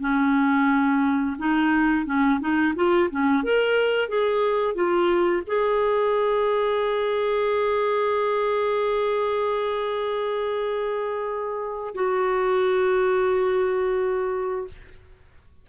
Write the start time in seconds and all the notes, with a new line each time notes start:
0.00 C#4
1.38 D#4
2.06 C#4
2.40 D#4
2.76 F4
3.11 C#4
3.43 A#4
4.08 G#4
4.74 F4
5.47 G#4
11.95 F#4